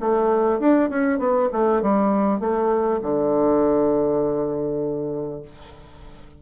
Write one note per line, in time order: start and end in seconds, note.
0.00 0.60 A3
0.60 0.90 D4
0.90 1.19 C#4
1.19 1.49 B3
1.52 1.82 A3
1.82 2.40 G3
2.40 3.00 A3
3.02 5.42 D3